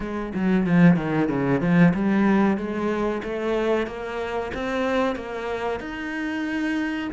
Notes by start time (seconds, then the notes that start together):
0.00 G#3
0.34 F#3
0.66 F3
0.96 D#3
1.28 C#3
1.60 F3
1.94 G3
2.57 G#3
3.23 A3
3.87 A#3
4.54 C4
5.15 A#3
5.79 D#4